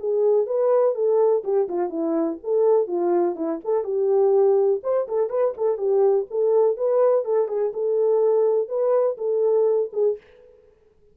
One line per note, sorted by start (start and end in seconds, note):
0.00 0.47 G#4
0.47 0.95 B4
0.95 1.44 A4
1.44 1.68 G4
1.69 1.90 F4
1.90 2.38 E4
2.44 2.87 A4
2.87 3.36 F4
3.36 3.60 E4
3.65 3.85 A4
3.85 4.81 G4
4.83 5.08 C5
5.09 5.30 A4
5.30 5.54 B4
5.58 5.78 A4
5.78 6.27 G4
6.31 6.77 A4
6.77 7.25 B4
7.25 7.48 A4
7.48 7.73 G#4
7.74 8.69 A4
8.69 9.17 B4
9.18 9.91 A4
9.93 10.18 G#4